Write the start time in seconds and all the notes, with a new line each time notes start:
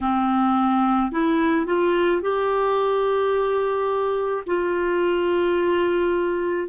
0.00 C4
1.11 E4
1.66 F4
2.21 G4
4.46 F4